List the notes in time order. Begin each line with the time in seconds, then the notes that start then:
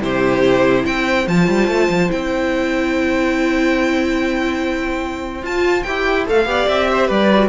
0.00 C3 E4 G4 C5
0.84 C4 C5 G5
1.26 F3 F4 A5
1.47 G3
1.67 A3
1.89 F3
2.09 C4 E4 G5
5.42 F4 A5
5.83 E4 G4 G5
6.26 A3 A4 F5
6.45 B3 G4 D5
6.68 C4 E5
6.91 C5
7.07 G3 B4 D5
7.33 F#4